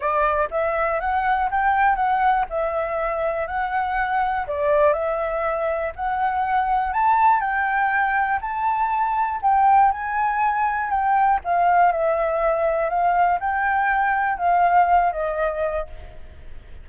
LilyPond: \new Staff \with { instrumentName = "flute" } { \time 4/4 \tempo 4 = 121 d''4 e''4 fis''4 g''4 | fis''4 e''2 fis''4~ | fis''4 d''4 e''2 | fis''2 a''4 g''4~ |
g''4 a''2 g''4 | gis''2 g''4 f''4 | e''2 f''4 g''4~ | g''4 f''4. dis''4. | }